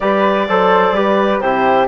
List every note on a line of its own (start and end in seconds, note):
0.00 0.48 G3
0.00 0.47 G4
0.00 0.47 B4
0.00 1.40 D5
0.48 0.92 F#3
0.48 0.95 A4
0.48 0.95 C5
0.92 1.39 G3
0.92 1.41 G4
0.92 1.41 B4
1.40 1.87 C3
1.40 1.87 E4
1.40 1.87 G4
1.40 1.86 C5